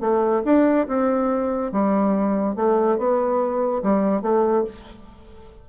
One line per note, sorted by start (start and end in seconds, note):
0.00 0.42 A3
0.45 0.87 D4
0.87 1.72 C4
1.72 2.55 G3
2.55 2.98 A3
2.98 3.82 B3
3.83 4.22 G3
4.22 4.64 A3